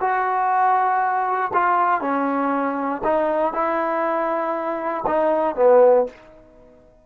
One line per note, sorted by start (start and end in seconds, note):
0.00 1.51 F#4
1.53 2.01 F4
2.01 3.02 C#4
3.04 3.53 D#4
3.53 5.05 E4
5.06 5.56 D#4
5.56 6.06 B3